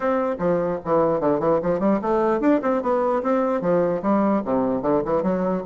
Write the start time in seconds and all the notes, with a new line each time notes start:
0.00 C4
0.38 F3
0.84 E3
1.20 D3
1.39 E3
1.62 F3
1.79 G3
2.01 A3
2.40 D4
2.62 C4
2.82 B3
3.22 C4
3.61 F3
4.02 G3
4.44 C3
4.82 D3
5.05 E3
5.23 F#3